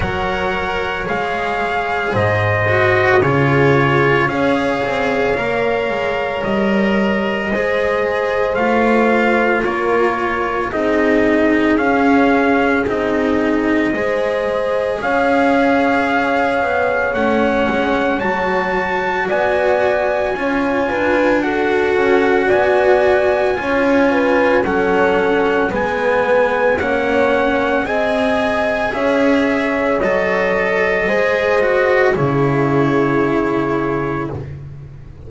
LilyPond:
<<
  \new Staff \with { instrumentName = "trumpet" } { \time 4/4 \tempo 4 = 56 fis''4 f''4 dis''4 cis''4 | f''2 dis''2 | f''4 cis''4 dis''4 f''4 | dis''2 f''2 |
fis''4 a''4 gis''2 | fis''4 gis''2 fis''4 | gis''4 fis''4 gis''4 e''4 | dis''2 cis''2 | }
  \new Staff \with { instrumentName = "horn" } { \time 4/4 cis''2 c''4 gis'4 | cis''2. c''4~ | c''4 ais'4 gis'2~ | gis'4 c''4 cis''2~ |
cis''2 d''4 cis''8 b'8 | a'4 d''4 cis''8 b'8 a'4 | b'4 cis''4 dis''4 cis''4~ | cis''4 c''4 gis'2 | }
  \new Staff \with { instrumentName = "cello" } { \time 4/4 ais'4 gis'4. fis'8 f'4 | gis'4 ais'2 gis'4 | f'2 dis'4 cis'4 | dis'4 gis'2. |
cis'4 fis'2 f'4 | fis'2 f'4 cis'4 | b4 cis'4 gis'2 | a'4 gis'8 fis'8 e'2 | }
  \new Staff \with { instrumentName = "double bass" } { \time 4/4 fis4 gis4 gis,4 cis4 | cis'8 c'8 ais8 gis8 g4 gis4 | a4 ais4 c'4 cis'4 | c'4 gis4 cis'4. b8 |
a8 gis8 fis4 b4 cis'8 d'8~ | d'8 cis'8 b4 cis'4 fis4 | gis4 ais4 c'4 cis'4 | fis4 gis4 cis2 | }
>>